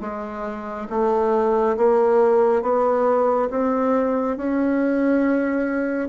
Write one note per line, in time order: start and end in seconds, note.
0.00 0.87 G#3
0.89 1.76 A3
1.77 2.62 A#3
2.62 3.49 B3
3.50 4.37 C4
4.37 6.08 C#4